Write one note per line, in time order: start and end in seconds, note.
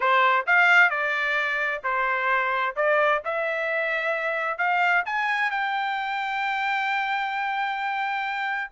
0.00 0.46 C5
0.46 0.90 F5
0.90 1.81 D5
1.83 2.75 C5
2.76 3.22 D5
3.24 4.57 E5
4.57 5.03 F5
5.05 5.50 G#5
5.50 8.71 G5